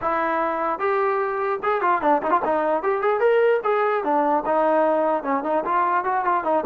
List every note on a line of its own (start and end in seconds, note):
0.01 0.79 E4
0.79 1.59 G4
1.62 1.81 G#4
1.81 2.01 F4
2.01 2.21 D4
2.22 2.30 D#4
2.30 2.40 F4
2.44 2.83 D#4
2.83 3.01 G4
3.01 3.20 G#4
3.20 3.60 A#4
3.63 4.03 G#4
4.03 4.44 D4
4.45 5.23 D#4
5.23 5.43 C#4
5.43 5.64 D#4
5.64 6.04 F4
6.04 6.24 F#4
6.24 6.44 F4
6.44 6.64 D#4